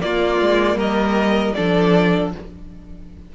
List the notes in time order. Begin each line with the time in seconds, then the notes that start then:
0.00 A#3 F4 D5
0.41 G#3
0.75 G3 A#4 D#5
1.54 F3 D4 A4 D5